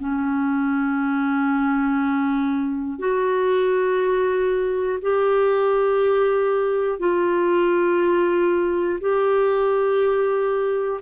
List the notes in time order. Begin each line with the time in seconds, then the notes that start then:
0.00 C#4
3.00 F#4
5.02 G4
7.00 F4
9.01 G4